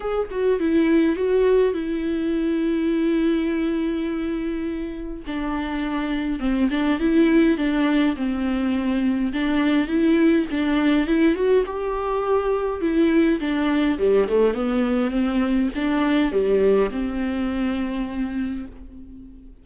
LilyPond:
\new Staff \with { instrumentName = "viola" } { \time 4/4 \tempo 4 = 103 gis'8 fis'8 e'4 fis'4 e'4~ | e'1~ | e'4 d'2 c'8 d'8 | e'4 d'4 c'2 |
d'4 e'4 d'4 e'8 fis'8 | g'2 e'4 d'4 | g8 a8 b4 c'4 d'4 | g4 c'2. | }